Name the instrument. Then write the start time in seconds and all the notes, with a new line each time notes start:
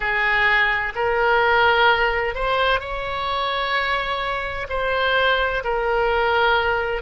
oboe
0.00 G#4
0.95 A#4
2.34 C5
2.80 C#5
4.69 C5
5.63 A#4